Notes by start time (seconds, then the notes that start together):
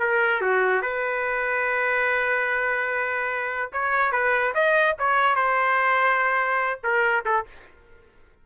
0.00 A#4
0.41 F#4
0.82 B4
3.73 C#5
4.12 B4
4.55 D#5
4.99 C#5
5.36 C5
6.84 A#4
7.26 A4